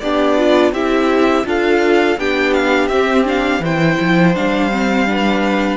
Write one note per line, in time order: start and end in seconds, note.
0.00 0.72 B3
0.00 0.73 D4
0.00 0.38 G4
0.00 0.72 D5
0.38 0.74 F4
0.72 1.45 C4
0.72 1.45 E4
0.72 1.46 G4
0.72 1.46 E5
1.45 2.17 D4
1.45 2.18 F4
1.45 2.20 A4
1.45 2.20 F5
2.18 2.88 B3
2.18 2.91 D4
2.18 3.63 G4
2.18 2.54 G5
2.54 2.88 F5
2.88 3.60 C4
2.88 3.24 C4
2.88 3.24 E5
3.24 3.61 D4
3.24 3.65 F5
3.60 3.96 E3
3.60 5.08 C5
3.60 4.36 G5
3.66 4.35 E4
4.01 4.36 F3
4.35 5.77 G3
4.35 4.71 D4
4.35 5.77 F5
4.71 5.07 C4
5.07 5.77 D4
5.07 5.77 B4